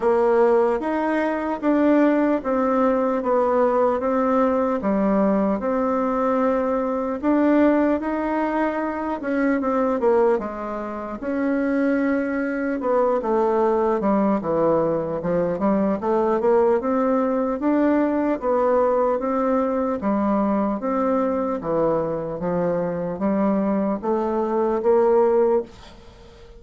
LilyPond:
\new Staff \with { instrumentName = "bassoon" } { \time 4/4 \tempo 4 = 75 ais4 dis'4 d'4 c'4 | b4 c'4 g4 c'4~ | c'4 d'4 dis'4. cis'8 | c'8 ais8 gis4 cis'2 |
b8 a4 g8 e4 f8 g8 | a8 ais8 c'4 d'4 b4 | c'4 g4 c'4 e4 | f4 g4 a4 ais4 | }